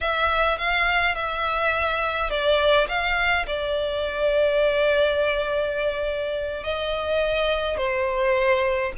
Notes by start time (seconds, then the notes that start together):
0.00 E5
0.58 F5
1.15 E5
2.29 D5
2.88 F5
3.46 D5
6.63 D#5
7.77 C5